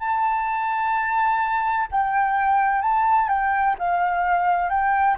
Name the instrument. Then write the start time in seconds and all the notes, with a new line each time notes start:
flute
0.00 A5
1.92 G5
2.82 A5
3.29 G5
3.79 F5
4.70 G5